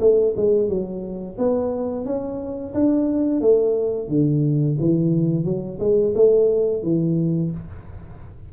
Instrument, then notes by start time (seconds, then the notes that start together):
tuba
0.00 A3
0.36 G#3
0.68 F#3
1.38 B3
2.05 C#4
2.74 D4
3.41 A3
4.08 D3
4.80 E3
5.44 F#3
5.79 G#3
6.15 A3
6.82 E3